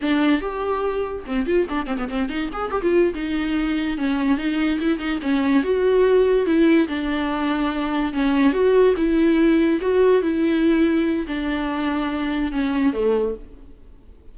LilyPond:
\new Staff \with { instrumentName = "viola" } { \time 4/4 \tempo 4 = 144 d'4 g'2 c'8 f'8 | d'8 c'16 b16 c'8 dis'8 gis'8 g'16 f'8. dis'8~ | dis'4. cis'4 dis'4 e'8 | dis'8 cis'4 fis'2 e'8~ |
e'8 d'2. cis'8~ | cis'8 fis'4 e'2 fis'8~ | fis'8 e'2~ e'8 d'4~ | d'2 cis'4 a4 | }